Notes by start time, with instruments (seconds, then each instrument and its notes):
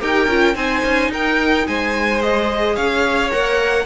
0.00 cello D#4, viola G4, violin A#4 G5
0.27 cello C#4, viola F4
0.55 cello C4, viola D#4, violin C5 G#5
0.84 cello C#4
1.09 cello D#4, violin A#4 G5
1.67 cello G#3, violin C5 G#5
2.22 viola G#4, violin D#5
2.75 cello C#4, violin C#5 F5
3.31 cello A#3, viola A#4, violin F#5